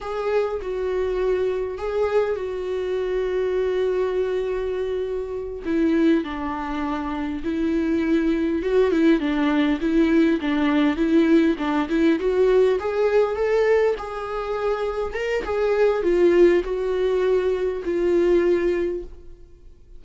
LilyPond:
\new Staff \with { instrumentName = "viola" } { \time 4/4 \tempo 4 = 101 gis'4 fis'2 gis'4 | fis'1~ | fis'4. e'4 d'4.~ | d'8 e'2 fis'8 e'8 d'8~ |
d'8 e'4 d'4 e'4 d'8 | e'8 fis'4 gis'4 a'4 gis'8~ | gis'4. ais'8 gis'4 f'4 | fis'2 f'2 | }